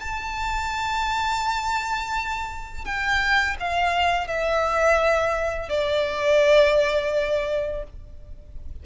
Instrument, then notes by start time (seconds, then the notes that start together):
violin
0.00 A5
2.85 G5
3.60 F5
4.28 E5
5.69 D5